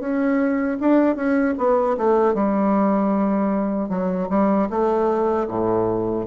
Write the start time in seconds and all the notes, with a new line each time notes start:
0.00 C#4
0.80 D4
1.16 C#4
1.58 B3
1.98 A3
2.34 G3
3.89 F#3
4.30 G3
4.70 A3
5.48 A2